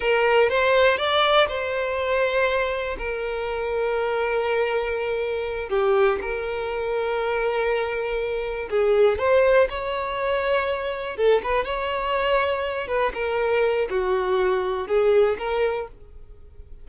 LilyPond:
\new Staff \with { instrumentName = "violin" } { \time 4/4 \tempo 4 = 121 ais'4 c''4 d''4 c''4~ | c''2 ais'2~ | ais'2.~ ais'8 g'8~ | g'8 ais'2.~ ais'8~ |
ais'4. gis'4 c''4 cis''8~ | cis''2~ cis''8 a'8 b'8 cis''8~ | cis''2 b'8 ais'4. | fis'2 gis'4 ais'4 | }